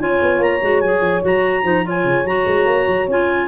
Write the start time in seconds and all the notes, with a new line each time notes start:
0.00 C#4 F4 C#5 G#5
0.22 B3
0.39 A#3 A#5
0.62 G#3 F#4
0.81 F#3 G#4 G#5
1.01 F3
1.22 F#3 F#4 A#5
1.64 F3 D#4 C5
1.84 F4 C#5 G#5
2.05 C#3
2.25 F#3 F#4 A#5
2.47 G#3
2.66 A#3
2.88 F#3
3.08 C#4 F4 G#5